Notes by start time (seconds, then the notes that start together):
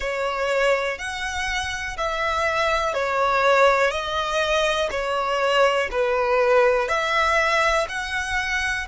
0.00 C#5
0.98 F#5
1.97 E5
2.94 C#5
3.91 D#5
4.90 C#5
5.91 B4
6.88 E5
7.89 F#5